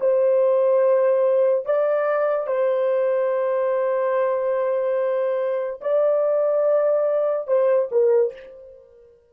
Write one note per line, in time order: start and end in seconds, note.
0.00 1.65 C5
1.65 2.47 D5
2.47 5.80 C5
5.81 7.47 D5
7.47 7.89 C5
7.91 8.33 A#4